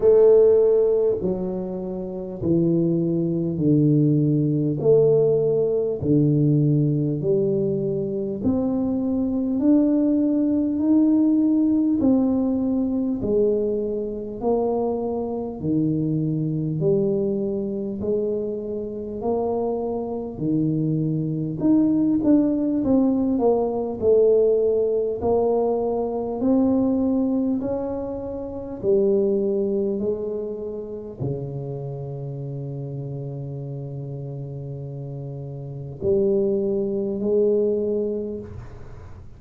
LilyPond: \new Staff \with { instrumentName = "tuba" } { \time 4/4 \tempo 4 = 50 a4 fis4 e4 d4 | a4 d4 g4 c'4 | d'4 dis'4 c'4 gis4 | ais4 dis4 g4 gis4 |
ais4 dis4 dis'8 d'8 c'8 ais8 | a4 ais4 c'4 cis'4 | g4 gis4 cis2~ | cis2 g4 gis4 | }